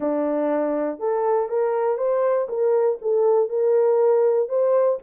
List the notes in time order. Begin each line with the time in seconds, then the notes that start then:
0.00 D4
0.99 A4
1.49 A#4
1.97 C5
2.48 A#4
3.01 A4
3.49 A#4
4.49 C5